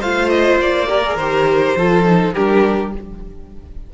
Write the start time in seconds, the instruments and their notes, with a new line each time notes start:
0.00 cello A3, viola F4, violin C5 F5
0.29 violin D#5
0.58 cello A#3, violin D5
0.87 viola G4, violin A#4
1.05 viola G#4
1.15 cello D#3, viola G4, violin C5
1.76 cello F3, viola F4, violin A4
2.04 viola D#4
2.33 cello G3, viola D4, violin G4 A#4